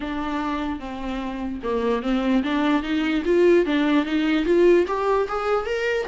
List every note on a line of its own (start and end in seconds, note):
0.00 0.79 D4
0.79 1.60 C4
1.63 2.02 A#3
2.02 2.43 C4
2.43 2.82 D4
2.82 3.23 D#4
3.25 3.65 F4
3.65 4.05 D4
4.05 4.45 D#4
4.45 4.85 F4
4.87 5.27 G4
5.28 5.65 G#4
5.65 6.06 A#4